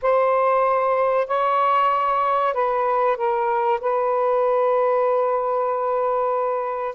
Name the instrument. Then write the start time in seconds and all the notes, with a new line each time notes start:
saxophone
0.01 C5
1.27 C#5
2.53 B4
3.16 A#4
3.80 B4